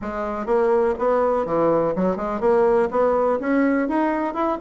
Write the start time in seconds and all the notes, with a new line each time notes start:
0.01 G#3
0.46 A#3
0.98 B3
1.45 E3
1.95 F#3
2.16 G#3
2.40 A#3
2.90 B3
3.39 C#4
3.88 D#4
4.34 E4